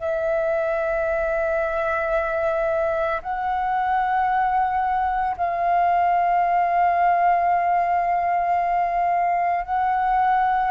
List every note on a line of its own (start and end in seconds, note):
0.00 3.21 E5
3.22 5.37 F#5
5.37 9.65 F5
9.65 10.71 F#5